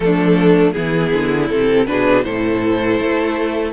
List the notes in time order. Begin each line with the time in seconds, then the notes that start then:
0.00 F3 A3 D4 A4
0.72 E3 B3 E4 G#4
1.13 D3
1.49 C3 C4 A4
1.86 B2 D4 G#4 B4
2.23 A2 E4 A4 C5
3.00 A3